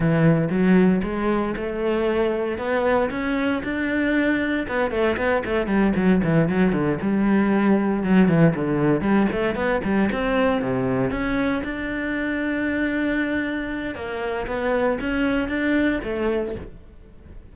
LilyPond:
\new Staff \with { instrumentName = "cello" } { \time 4/4 \tempo 4 = 116 e4 fis4 gis4 a4~ | a4 b4 cis'4 d'4~ | d'4 b8 a8 b8 a8 g8 fis8 | e8 fis8 d8 g2 fis8 |
e8 d4 g8 a8 b8 g8 c'8~ | c'8 c4 cis'4 d'4.~ | d'2. ais4 | b4 cis'4 d'4 a4 | }